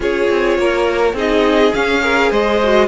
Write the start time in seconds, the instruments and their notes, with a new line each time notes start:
0.00 cello C#4, viola F4, violin G#4 C#5
0.29 cello C4
0.58 cello A#3, violin A#4
1.13 cello C4, viola D#4, violin G#4 D#5
1.74 viola C#4, cello C#4, violin F5
2.01 viola G#4, violin A#4
2.30 cello G#3, violin C5 D#5
2.63 viola F#4